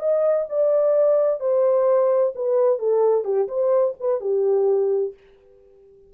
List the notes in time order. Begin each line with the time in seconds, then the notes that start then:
0.00 D#5
0.49 D5
1.40 C5
2.36 B4
2.79 A4
3.25 G4
3.48 C5
4.00 B4
4.21 G4